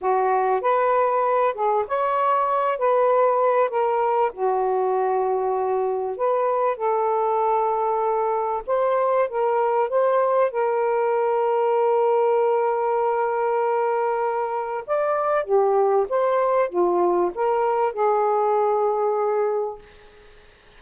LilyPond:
\new Staff \with { instrumentName = "saxophone" } { \time 4/4 \tempo 4 = 97 fis'4 b'4. gis'8 cis''4~ | cis''8 b'4. ais'4 fis'4~ | fis'2 b'4 a'4~ | a'2 c''4 ais'4 |
c''4 ais'2.~ | ais'1 | d''4 g'4 c''4 f'4 | ais'4 gis'2. | }